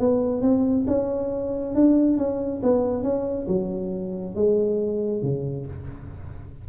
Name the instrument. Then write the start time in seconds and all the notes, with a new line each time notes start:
tuba
0.00 B3
0.42 C4
0.87 C#4
1.75 D4
2.18 C#4
2.63 B3
3.03 C#4
3.48 F#3
4.36 G#3
5.23 C#3